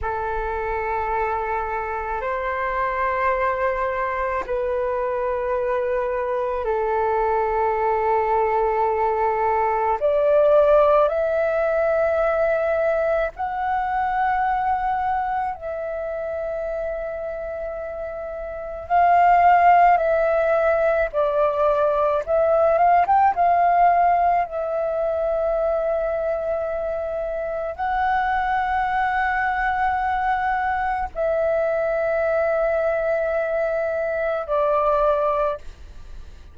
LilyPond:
\new Staff \with { instrumentName = "flute" } { \time 4/4 \tempo 4 = 54 a'2 c''2 | b'2 a'2~ | a'4 d''4 e''2 | fis''2 e''2~ |
e''4 f''4 e''4 d''4 | e''8 f''16 g''16 f''4 e''2~ | e''4 fis''2. | e''2. d''4 | }